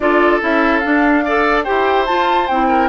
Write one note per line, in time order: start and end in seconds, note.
0.00 0.41 D4
0.00 0.40 F4
0.00 1.24 A4
0.00 0.41 D5
0.40 0.83 C#4
0.40 0.82 E4
0.40 0.78 E5
0.78 1.24 D4
0.78 1.67 D4
0.78 1.61 F5
1.24 1.65 A4
1.24 1.63 D5
1.63 2.09 E4
1.63 2.07 G4
1.63 2.67 C5
1.63 2.05 G5
2.05 2.48 F4
2.05 2.49 F4
2.05 2.47 A5
2.47 2.88 C4
2.47 2.88 E4
2.47 2.88 G5
2.68 2.88 A#4